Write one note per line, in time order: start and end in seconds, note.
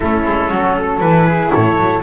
0.00 0.25 A3
0.00 1.00 C#4
0.00 0.49 E4
0.00 1.00 A4
0.25 0.50 G#3
0.49 1.00 F#3
0.49 0.75 F#4
0.77 1.27 A4
1.00 1.51 E3
1.00 2.01 E4
1.00 1.51 B4
1.27 1.52 G#4
1.52 1.77 A2
1.52 2.02 A4
1.52 2.02 C#5
1.77 2.02 F#3